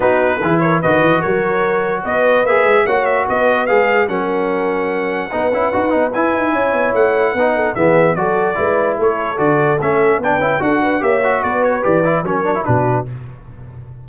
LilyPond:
<<
  \new Staff \with { instrumentName = "trumpet" } { \time 4/4 \tempo 4 = 147 b'4. cis''8 dis''4 cis''4~ | cis''4 dis''4 e''4 fis''8 e''8 | dis''4 f''4 fis''2~ | fis''2. gis''4~ |
gis''4 fis''2 e''4 | d''2 cis''4 d''4 | e''4 g''4 fis''4 e''4 | d''8 cis''8 d''4 cis''4 b'4 | }
  \new Staff \with { instrumentName = "horn" } { \time 4/4 fis'4 gis'8 ais'8 b'4 ais'4~ | ais'4 b'2 cis''4 | b'2 ais'2~ | ais'4 b'2. |
cis''2 b'8 a'8 gis'4 | a'4 b'4 a'2~ | a'4 b'4 a'8 b'8 cis''4 | b'2 ais'4 fis'4 | }
  \new Staff \with { instrumentName = "trombone" } { \time 4/4 dis'4 e'4 fis'2~ | fis'2 gis'4 fis'4~ | fis'4 gis'4 cis'2~ | cis'4 dis'8 e'8 fis'8 dis'8 e'4~ |
e'2 dis'4 b4 | fis'4 e'2 fis'4 | cis'4 d'8 e'8 fis'4 g'8 fis'8~ | fis'4 g'8 e'8 cis'8 d'16 e'16 d'4 | }
  \new Staff \with { instrumentName = "tuba" } { \time 4/4 b4 e4 dis8 e8 fis4~ | fis4 b4 ais8 gis8 ais4 | b4 gis4 fis2~ | fis4 b8 cis'8 dis'8 b8 e'8 dis'8 |
cis'8 b8 a4 b4 e4 | fis4 gis4 a4 d4 | a4 b8 cis'8 d'4 ais4 | b4 e4 fis4 b,4 | }
>>